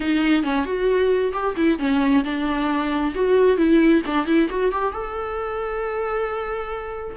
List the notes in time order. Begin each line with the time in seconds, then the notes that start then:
0.00 D#4
0.43 C#4
0.65 F#4
1.32 G4
1.56 E4
1.78 C#4
2.23 D4
3.14 F#4
3.57 E4
4.06 D4
4.26 E4
4.49 F#4
4.71 G4
4.92 A4